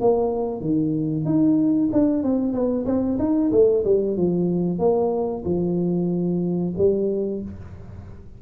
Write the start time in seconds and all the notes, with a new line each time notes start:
0.00 A#3
0.60 D#3
1.25 D#4
1.92 D4
2.23 C4
2.53 B3
2.85 C4
3.19 D#4
3.52 A3
3.84 G3
4.16 F3
4.79 A#3
5.45 F3
6.77 G3